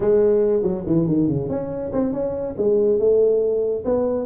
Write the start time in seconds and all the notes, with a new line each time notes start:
0.00 G#3
0.62 F#3
0.86 E3
1.07 D#3
1.28 C#3
1.49 C#4
1.92 C4
2.12 C#4
2.57 G#3
2.98 A3
3.84 B3